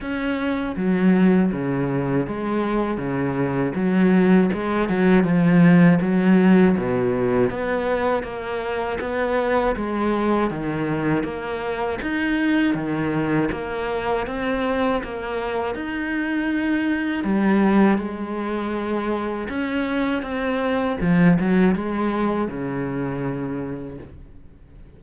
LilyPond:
\new Staff \with { instrumentName = "cello" } { \time 4/4 \tempo 4 = 80 cis'4 fis4 cis4 gis4 | cis4 fis4 gis8 fis8 f4 | fis4 b,4 b4 ais4 | b4 gis4 dis4 ais4 |
dis'4 dis4 ais4 c'4 | ais4 dis'2 g4 | gis2 cis'4 c'4 | f8 fis8 gis4 cis2 | }